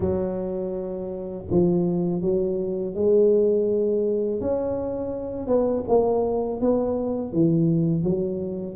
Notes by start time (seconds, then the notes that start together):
0.00 F#3
1.50 F3
2.22 F#3
2.94 G#3
4.40 C#4
5.47 B3
5.87 A#3
6.61 B3
7.32 E3
8.03 F#3